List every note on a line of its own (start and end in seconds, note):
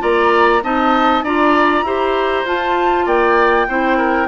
0.00 0.63 A#3
0.00 0.61 F4
0.00 0.64 D5
0.00 0.64 A#5
0.63 1.23 C4
0.63 1.25 D#4
0.63 1.24 D#5
0.63 1.25 A5
1.23 1.83 D4
1.23 1.86 F4
1.23 1.85 D5
1.23 2.47 A#5
1.83 2.44 E4
1.83 2.46 G4
1.83 3.06 C5
2.45 3.07 F4
2.45 3.69 F4
2.45 3.08 A5
3.06 3.68 A#3
3.06 3.68 D5
3.06 4.28 G5
3.68 4.28 C4
3.68 4.28 E4
3.68 3.98 C5
3.98 4.28 A#4